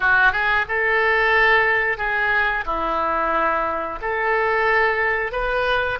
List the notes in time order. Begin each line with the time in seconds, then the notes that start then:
0.00 F#4
0.32 G#4
0.68 A4
1.97 G#4
2.65 E4
4.01 A4
5.32 B4